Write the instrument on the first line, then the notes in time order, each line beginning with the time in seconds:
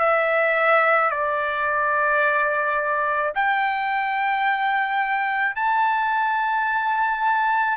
trumpet
0.00 E5
1.11 D5
3.35 G5
5.56 A5